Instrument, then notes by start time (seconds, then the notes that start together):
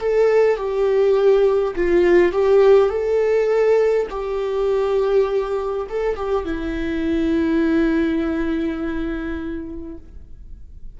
viola
0.00 A4
0.56 G4
1.75 F4
2.32 G4
2.89 A4
4.10 G4
5.89 A4
6.16 G4
6.45 E4